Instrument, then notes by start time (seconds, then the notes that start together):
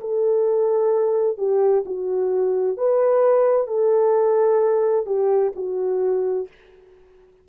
horn
0.00 A4
1.38 G4
1.85 F#4
2.77 B4
3.67 A4
5.06 G4
5.56 F#4